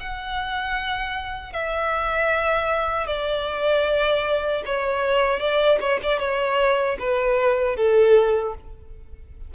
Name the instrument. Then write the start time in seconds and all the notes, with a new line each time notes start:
violin
0.00 F#5
1.53 E5
3.07 D5
4.66 C#5
5.40 D5
5.80 C#5
6.03 D5
6.19 C#5
7.00 B4
7.76 A4